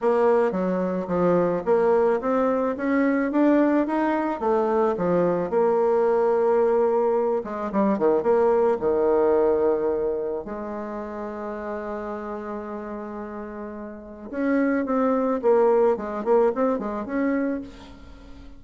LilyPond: \new Staff \with { instrumentName = "bassoon" } { \time 4/4 \tempo 4 = 109 ais4 fis4 f4 ais4 | c'4 cis'4 d'4 dis'4 | a4 f4 ais2~ | ais4. gis8 g8 dis8 ais4 |
dis2. gis4~ | gis1~ | gis2 cis'4 c'4 | ais4 gis8 ais8 c'8 gis8 cis'4 | }